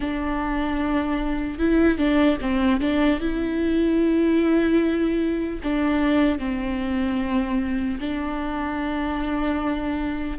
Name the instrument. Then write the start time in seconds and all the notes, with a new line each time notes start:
viola
0.00 D4
1.59 E4
1.97 D4
2.41 C4
2.80 D4
3.20 E4
5.63 D4
6.38 C4
8.00 D4